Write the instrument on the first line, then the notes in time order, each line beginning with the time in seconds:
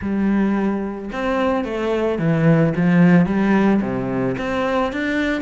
cello
0.01 G3
1.12 C4
1.64 A3
2.18 E3
2.76 F3
3.26 G3
3.81 C3
4.38 C4
4.92 D4